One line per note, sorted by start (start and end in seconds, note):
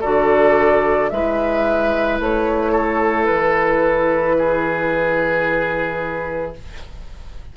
0.00 1.11 D3
0.00 1.10 F#4
0.00 1.09 A4
0.00 1.10 D5
1.10 2.20 G#3
1.10 6.55 E4
1.10 2.72 B4
1.10 2.19 E5
2.20 3.29 A3
2.20 3.25 C#5
2.72 4.35 A4
3.25 6.57 E3
3.25 6.52 B4
4.38 6.56 G#4